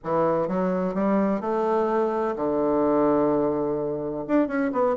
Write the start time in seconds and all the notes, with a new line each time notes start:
0.04 E3
0.47 F#3
0.94 G3
1.40 A3
2.36 D3
4.27 D4
4.47 C#4
4.72 B3